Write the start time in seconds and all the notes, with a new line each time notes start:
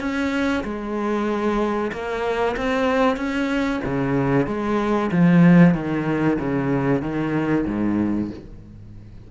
0.00 C#4
0.64 G#3
1.92 A#3
2.56 C4
3.17 C#4
3.85 C#3
4.47 G#3
5.12 F3
5.74 D#3
6.39 C#3
7.02 D#3
7.67 G#2